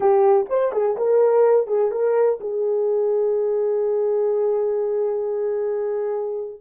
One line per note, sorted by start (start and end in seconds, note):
0.00 0.46 G4
0.49 0.72 C5
0.72 0.96 G#4
0.96 1.67 A#4
1.67 1.91 G#4
1.91 2.39 A#4
2.40 6.60 G#4